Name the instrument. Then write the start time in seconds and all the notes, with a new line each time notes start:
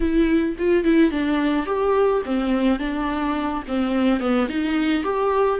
viola
0.00 E4
0.58 F4
0.84 E4
1.11 D4
1.66 G4
2.25 C4
2.79 D4
3.67 C4
4.20 B3
4.48 D#4
5.03 G4